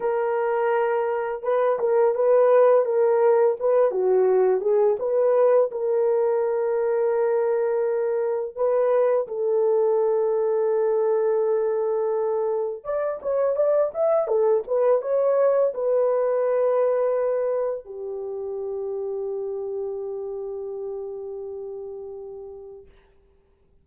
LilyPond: \new Staff \with { instrumentName = "horn" } { \time 4/4 \tempo 4 = 84 ais'2 b'8 ais'8 b'4 | ais'4 b'8 fis'4 gis'8 b'4 | ais'1 | b'4 a'2.~ |
a'2 d''8 cis''8 d''8 e''8 | a'8 b'8 cis''4 b'2~ | b'4 g'2.~ | g'1 | }